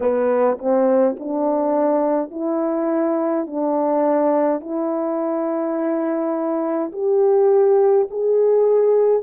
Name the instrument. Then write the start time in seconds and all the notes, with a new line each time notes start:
horn
0.00 B3
0.58 C4
1.19 D4
2.31 E4
3.46 D4
4.60 E4
6.92 G4
8.10 G#4